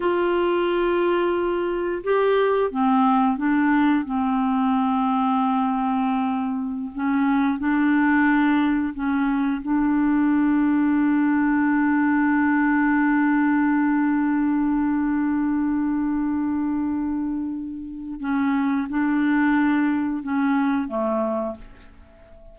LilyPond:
\new Staff \with { instrumentName = "clarinet" } { \time 4/4 \tempo 4 = 89 f'2. g'4 | c'4 d'4 c'2~ | c'2~ c'16 cis'4 d'8.~ | d'4~ d'16 cis'4 d'4.~ d'16~ |
d'1~ | d'1~ | d'2. cis'4 | d'2 cis'4 a4 | }